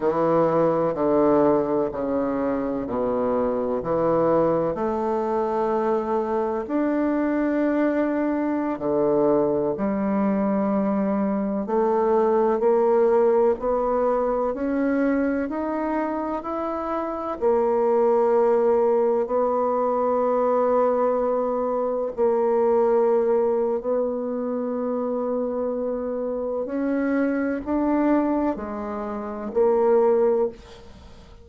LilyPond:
\new Staff \with { instrumentName = "bassoon" } { \time 4/4 \tempo 4 = 63 e4 d4 cis4 b,4 | e4 a2 d'4~ | d'4~ d'16 d4 g4.~ g16~ | g16 a4 ais4 b4 cis'8.~ |
cis'16 dis'4 e'4 ais4.~ ais16~ | ais16 b2. ais8.~ | ais4 b2. | cis'4 d'4 gis4 ais4 | }